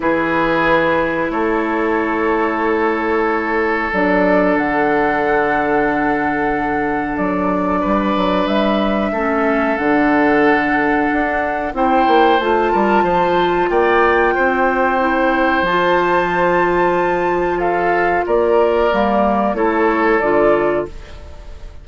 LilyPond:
<<
  \new Staff \with { instrumentName = "flute" } { \time 4/4 \tempo 4 = 92 b'2 cis''2~ | cis''2 d''4 fis''4~ | fis''2. d''4~ | d''4 e''2 fis''4~ |
fis''2 g''4 a''4~ | a''4 g''2. | a''2. f''4 | d''2 cis''4 d''4 | }
  \new Staff \with { instrumentName = "oboe" } { \time 4/4 gis'2 a'2~ | a'1~ | a'1 | b'2 a'2~ |
a'2 c''4. ais'8 | c''4 d''4 c''2~ | c''2. a'4 | ais'2 a'2 | }
  \new Staff \with { instrumentName = "clarinet" } { \time 4/4 e'1~ | e'2 d'2~ | d'1~ | d'2 cis'4 d'4~ |
d'2 e'4 f'4~ | f'2. e'4 | f'1~ | f'4 ais4 e'4 f'4 | }
  \new Staff \with { instrumentName = "bassoon" } { \time 4/4 e2 a2~ | a2 fis4 d4~ | d2. fis4 | g8 fis8 g4 a4 d4~ |
d4 d'4 c'8 ais8 a8 g8 | f4 ais4 c'2 | f1 | ais4 g4 a4 d4 | }
>>